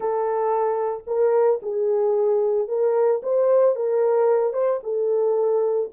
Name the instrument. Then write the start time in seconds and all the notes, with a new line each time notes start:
horn
0.00 A4
1.06 A#4
1.62 G#4
2.67 A#4
3.22 C5
3.75 A#4
4.53 C5
4.83 A4